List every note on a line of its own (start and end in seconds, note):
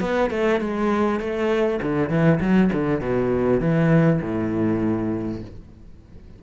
0.00 0.30 B3
0.30 0.60 A3
0.60 1.19 G#3
1.19 1.79 A3
1.82 2.09 D3
2.09 2.39 E3
2.40 2.70 F#3
2.72 3.01 D3
3.01 3.60 B2
3.60 4.20 E3
4.21 5.41 A2